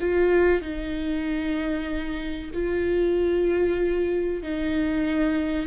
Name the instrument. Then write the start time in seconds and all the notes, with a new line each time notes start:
viola
0.00 F4
0.61 D#4
2.53 F4
4.42 D#4